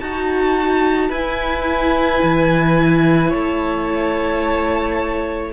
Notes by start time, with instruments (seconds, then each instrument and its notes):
0.00 cello D#4, violin F#4 A5, viola F#4
1.09 cello E4, viola E4, violin B4 G#5
2.22 cello E3
3.29 cello A3, violin C#5 A5